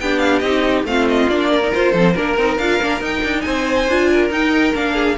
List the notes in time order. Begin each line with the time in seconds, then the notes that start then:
0.00 B3 D4 G4 G5
0.19 F5
0.39 C4 D#4 D#5
0.84 A3 C4 F4 F5
1.09 D#5
1.29 A#3 D4 D5
1.51 A#4
1.63 D#4
1.74 F4 C5
1.92 F3 C4 A4
2.12 A#3 D4 A#4
2.37 C4 D#4
2.58 D4 F4 F5
2.81 A#3 D4
3.00 D#4 G5
3.23 D4
3.41 C4 C5 G#5
3.88 D4 F4
4.11 A#4
4.30 D#4 G5
4.74 A#3 D4 F5
4.95 G#4